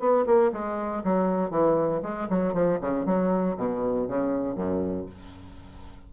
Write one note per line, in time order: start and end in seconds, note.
0.00 0.25 B3
0.26 0.52 A#3
0.52 1.03 G#3
1.04 1.51 F#3
1.51 2.02 E3
2.03 2.28 G#3
2.30 2.54 F#3
2.54 2.79 F3
2.81 3.06 C#3
3.06 3.57 F#3
3.57 4.08 B2
4.08 4.56 C#3
4.56 5.06 F#2